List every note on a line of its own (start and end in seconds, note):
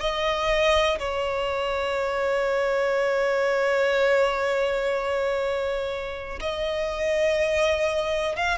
0.00 0.98 D#5
0.98 6.39 C#5
6.40 8.36 D#5
8.36 8.58 F5